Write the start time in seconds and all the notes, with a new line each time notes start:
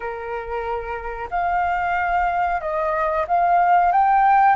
0.00 A#4
1.30 F5
2.60 D#5
3.27 F5
3.91 G5